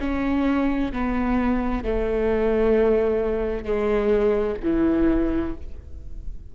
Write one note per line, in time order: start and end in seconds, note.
0.00 0.92 C#4
0.93 1.84 B3
1.84 3.65 A3
3.65 4.57 G#3
4.63 5.56 E3